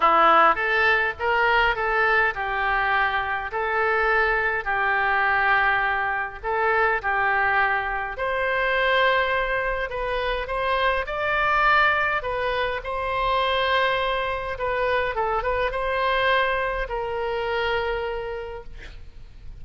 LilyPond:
\new Staff \with { instrumentName = "oboe" } { \time 4/4 \tempo 4 = 103 e'4 a'4 ais'4 a'4 | g'2 a'2 | g'2. a'4 | g'2 c''2~ |
c''4 b'4 c''4 d''4~ | d''4 b'4 c''2~ | c''4 b'4 a'8 b'8 c''4~ | c''4 ais'2. | }